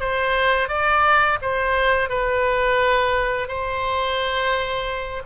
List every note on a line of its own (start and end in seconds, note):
0.00 0.68 C5
0.68 1.38 D5
1.41 2.09 C5
2.09 3.48 B4
3.48 5.22 C5